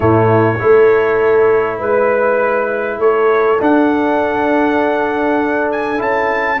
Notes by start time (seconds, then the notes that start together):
0.00 A2 A3 E4 C#5
0.59 A3 E4 A4
1.79 G#3 B4
2.98 A3 A4 C#5
3.60 D4 F#5
5.71 G#5
5.97 C#4 E4 A5